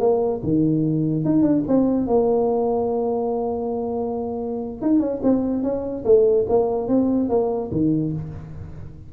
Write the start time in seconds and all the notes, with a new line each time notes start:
0.00 A#3
0.43 D#3
1.25 D#4
1.43 D4
1.68 C4
2.07 A#3
4.82 D#4
5.00 C#4
5.23 C4
5.63 C#4
6.05 A3
6.49 A#3
6.88 C4
7.29 A#3
7.72 D#3